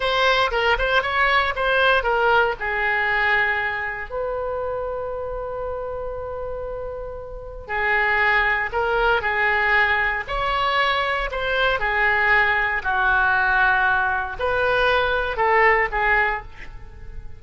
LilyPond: \new Staff \with { instrumentName = "oboe" } { \time 4/4 \tempo 4 = 117 c''4 ais'8 c''8 cis''4 c''4 | ais'4 gis'2. | b'1~ | b'2. gis'4~ |
gis'4 ais'4 gis'2 | cis''2 c''4 gis'4~ | gis'4 fis'2. | b'2 a'4 gis'4 | }